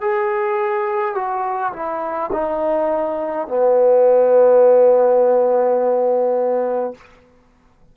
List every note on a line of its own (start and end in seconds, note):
0.00 1.14 G#4
1.14 1.72 F#4
1.73 2.30 E4
2.32 3.47 D#4
3.47 6.93 B3